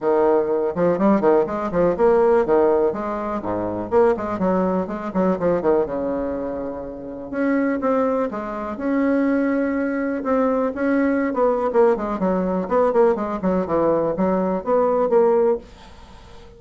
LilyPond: \new Staff \with { instrumentName = "bassoon" } { \time 4/4 \tempo 4 = 123 dis4. f8 g8 dis8 gis8 f8 | ais4 dis4 gis4 gis,4 | ais8 gis8 fis4 gis8 fis8 f8 dis8 | cis2. cis'4 |
c'4 gis4 cis'2~ | cis'4 c'4 cis'4~ cis'16 b8. | ais8 gis8 fis4 b8 ais8 gis8 fis8 | e4 fis4 b4 ais4 | }